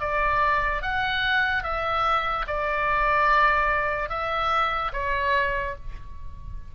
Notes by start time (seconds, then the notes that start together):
0.00 D5
0.82 F#5
1.63 E5
2.47 D5
4.09 E5
4.93 C#5